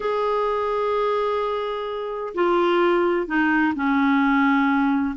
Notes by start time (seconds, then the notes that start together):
0.00 G#4
2.34 F4
3.26 D#4
3.75 C#4